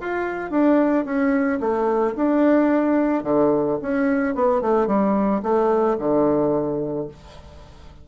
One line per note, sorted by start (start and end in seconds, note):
0.00 0.51 F4
0.51 1.05 D4
1.05 1.59 C#4
1.60 2.14 A3
2.16 3.23 D4
3.23 3.78 D3
3.81 4.35 C#4
4.35 4.61 B3
4.61 4.87 A3
4.87 5.41 G3
5.42 5.97 A3
5.99 7.08 D3